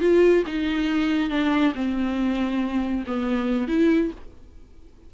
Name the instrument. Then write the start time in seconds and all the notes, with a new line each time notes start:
viola
0.00 F4
0.46 D#4
1.29 D4
1.74 C4
3.06 B3
3.68 E4